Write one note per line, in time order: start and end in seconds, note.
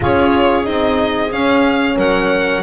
0.00 0.67 C#4
0.00 0.63 F4
0.00 1.96 G#4
0.00 0.66 C#5
0.63 1.33 C4
0.63 1.29 D#4
0.63 1.31 D#5
1.31 2.63 C#4
1.31 1.95 C#4
1.31 1.97 F5
1.95 2.61 F#3
1.95 2.62 A#4
1.95 2.63 F#5